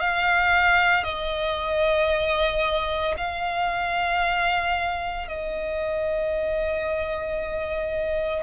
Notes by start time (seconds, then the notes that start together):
0.00 F5
1.04 D#5
3.17 F5
5.28 D#5